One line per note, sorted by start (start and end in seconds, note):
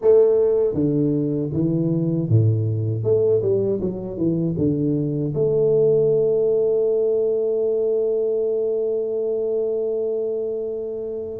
0.01 0.74 A3
0.74 1.50 D3
1.53 2.29 E3
2.29 3.03 A2
3.03 3.41 A3
3.42 3.80 G3
3.80 4.17 F#3
4.17 4.55 E3
4.57 5.33 D3
5.34 11.39 A3